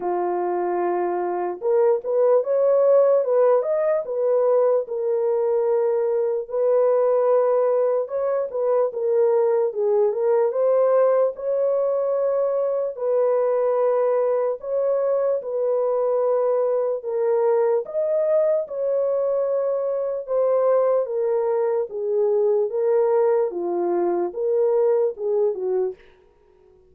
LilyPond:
\new Staff \with { instrumentName = "horn" } { \time 4/4 \tempo 4 = 74 f'2 ais'8 b'8 cis''4 | b'8 dis''8 b'4 ais'2 | b'2 cis''8 b'8 ais'4 | gis'8 ais'8 c''4 cis''2 |
b'2 cis''4 b'4~ | b'4 ais'4 dis''4 cis''4~ | cis''4 c''4 ais'4 gis'4 | ais'4 f'4 ais'4 gis'8 fis'8 | }